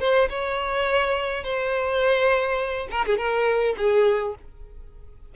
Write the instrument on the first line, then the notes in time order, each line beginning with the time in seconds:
violin
0.00 C5
0.30 C#5
1.44 C5
2.91 A#4
3.06 G#4
3.18 A#4
3.78 G#4